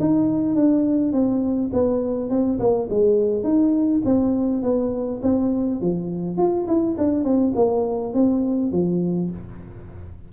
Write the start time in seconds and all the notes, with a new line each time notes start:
0.00 D#4
0.55 D4
1.13 C4
1.73 B3
2.30 C4
2.59 A#3
2.90 G#3
3.44 D#4
4.05 C4
4.63 B3
5.23 C4
5.81 F3
6.38 F4
6.68 E4
6.98 D4
7.24 C4
7.56 A#3
8.14 C4
8.72 F3